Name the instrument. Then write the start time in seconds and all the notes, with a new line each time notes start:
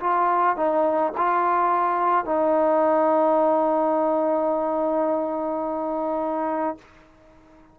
trombone
0.00 F4
0.56 D#4
1.17 F4
2.25 D#4